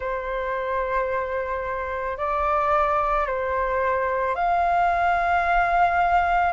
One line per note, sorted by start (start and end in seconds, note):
0.00 2.17 C5
2.17 3.26 D5
3.26 4.35 C5
4.35 6.53 F5